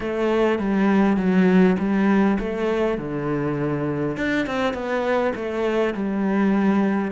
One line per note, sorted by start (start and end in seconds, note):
0.00 0.58 A3
0.58 1.16 G3
1.16 1.76 F#3
1.78 2.38 G3
2.39 2.98 A3
2.98 4.16 D3
4.16 4.46 D4
4.46 4.73 C4
4.73 5.32 B3
5.35 5.94 A3
5.94 7.11 G3